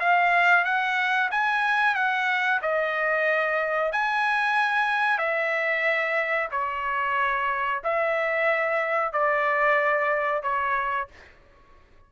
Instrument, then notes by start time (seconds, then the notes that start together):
trumpet
0.00 F5
0.65 F#5
1.31 G#5
1.95 F#5
2.62 D#5
3.92 G#5
5.18 E5
6.52 C#5
7.84 E5
9.13 D5
10.43 C#5